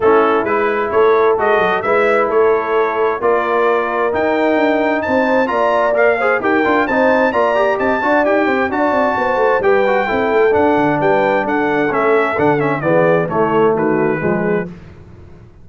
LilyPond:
<<
  \new Staff \with { instrumentName = "trumpet" } { \time 4/4 \tempo 4 = 131 a'4 b'4 cis''4 dis''4 | e''4 cis''2 d''4~ | d''4 g''2 a''4 | ais''4 f''4 g''4 a''4 |
ais''4 a''4 g''4 a''4~ | a''4 g''2 fis''4 | g''4 fis''4 e''4 fis''8 e''8 | d''4 cis''4 b'2 | }
  \new Staff \with { instrumentName = "horn" } { \time 4/4 e'2 a'2 | b'4 a'2 ais'4~ | ais'2. c''4 | d''4. c''8 ais'4 c''4 |
d''4 dis''8 d''4 c''8 d''4 | c''4 b'4 a'2 | b'4 a'2. | gis'4 e'4 fis'4 gis'4 | }
  \new Staff \with { instrumentName = "trombone" } { \time 4/4 cis'4 e'2 fis'4 | e'2. f'4~ | f'4 dis'2. | f'4 ais'8 gis'8 g'8 f'8 dis'4 |
f'8 g'4 fis'8 g'4 fis'4~ | fis'4 g'8 fis'8 e'4 d'4~ | d'2 cis'4 d'8 cis'8 | b4 a2 gis4 | }
  \new Staff \with { instrumentName = "tuba" } { \time 4/4 a4 gis4 a4 gis8 fis8 | gis4 a2 ais4~ | ais4 dis'4 d'4 c'4 | ais2 dis'8 d'8 c'4 |
ais4 c'8 d'8 dis'8 c'8 d'8 c'8 | b8 a8 g4 c'8 a8 d'8 d8 | g4 d'4 a4 d4 | e4 a4 dis4 f4 | }
>>